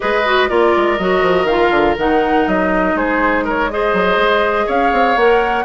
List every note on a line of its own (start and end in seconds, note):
0.00 0.49 G#3
0.00 0.22 G#4
0.00 0.49 B4
0.00 0.48 D#5
0.25 0.48 F#4
0.48 0.74 A#3
0.48 0.97 F4
0.48 2.95 A#4
0.48 0.97 D5
0.76 0.99 G#3
0.98 1.22 F#3
0.98 1.47 F#4
0.98 1.46 D#5
1.22 1.44 F3
1.44 1.68 D#3
1.44 1.97 F4
1.44 1.95 F5
1.70 1.95 D3
1.97 2.47 D#3
1.97 3.70 D#4
1.97 2.48 F#5
2.47 2.94 F#3
2.47 2.96 D#5
2.94 3.93 G#3
2.94 3.44 G#4
2.94 3.45 C5
3.44 3.69 A#4
3.44 3.71 C#5
3.70 5.17 G#4
3.70 4.66 C5
3.70 4.69 D#5
3.93 4.16 F#3
4.16 4.65 G#3
4.66 4.92 C#4
4.66 5.64 C#5
4.66 5.18 F5
4.92 5.16 C4
5.16 5.64 A#3
5.16 5.64 A#4
5.16 5.64 F#5